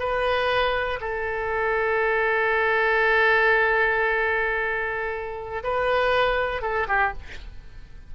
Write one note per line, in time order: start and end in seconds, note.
0.00 1.00 B4
1.01 5.64 A4
5.64 6.62 B4
6.62 6.87 A4
6.88 7.13 G4